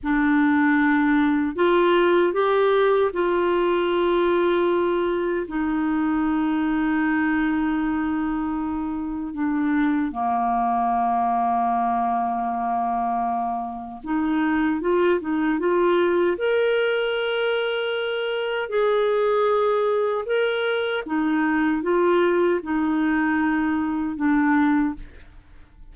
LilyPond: \new Staff \with { instrumentName = "clarinet" } { \time 4/4 \tempo 4 = 77 d'2 f'4 g'4 | f'2. dis'4~ | dis'1 | d'4 ais2.~ |
ais2 dis'4 f'8 dis'8 | f'4 ais'2. | gis'2 ais'4 dis'4 | f'4 dis'2 d'4 | }